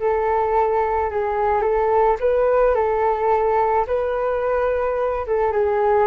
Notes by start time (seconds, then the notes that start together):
0.00 A4
1.10 G#4
1.61 A4
2.20 B4
2.74 A4
3.87 B4
5.27 A4
5.52 G#4